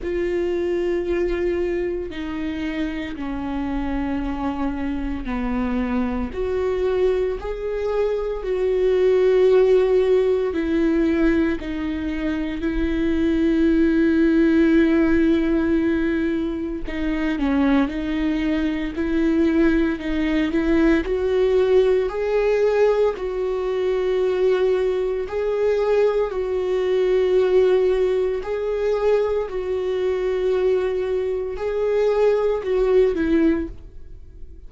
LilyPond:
\new Staff \with { instrumentName = "viola" } { \time 4/4 \tempo 4 = 57 f'2 dis'4 cis'4~ | cis'4 b4 fis'4 gis'4 | fis'2 e'4 dis'4 | e'1 |
dis'8 cis'8 dis'4 e'4 dis'8 e'8 | fis'4 gis'4 fis'2 | gis'4 fis'2 gis'4 | fis'2 gis'4 fis'8 e'8 | }